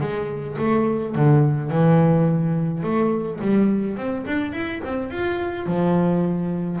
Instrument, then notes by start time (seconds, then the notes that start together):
double bass
0.00 G#3
0.58 A3
1.15 D3
1.70 E3
2.83 A3
3.41 G3
3.96 C4
4.26 D4
4.52 E4
4.84 C4
5.10 F4
5.66 F3